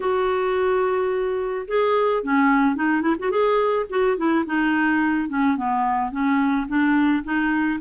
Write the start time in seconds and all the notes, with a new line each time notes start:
0.00 F#4
1.67 G#4
2.23 C#4
2.75 D#4
3.02 E4
3.19 F#4
3.30 G#4
3.89 F#4
4.17 E4
4.46 D#4
5.29 C#4
5.57 B3
6.11 C#4
6.68 D4
7.24 D#4